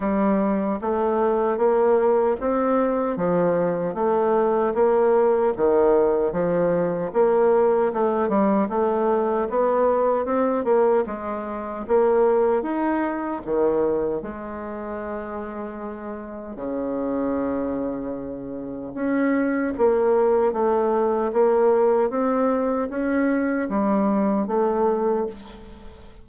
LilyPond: \new Staff \with { instrumentName = "bassoon" } { \time 4/4 \tempo 4 = 76 g4 a4 ais4 c'4 | f4 a4 ais4 dis4 | f4 ais4 a8 g8 a4 | b4 c'8 ais8 gis4 ais4 |
dis'4 dis4 gis2~ | gis4 cis2. | cis'4 ais4 a4 ais4 | c'4 cis'4 g4 a4 | }